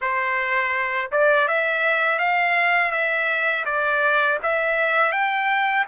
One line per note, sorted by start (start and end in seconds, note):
0.01 1.11 C5
1.11 1.48 D5
1.48 2.18 E5
2.18 2.91 F5
2.91 3.64 E5
3.65 4.38 D5
4.42 5.12 E5
5.12 5.85 G5